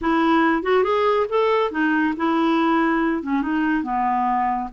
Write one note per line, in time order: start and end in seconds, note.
0.01 0.62 E4
0.62 0.83 F#4
0.83 1.26 G#4
1.29 1.71 A4
1.71 2.14 D#4
2.16 3.22 E4
3.22 3.42 C#4
3.42 3.83 D#4
3.83 4.69 B3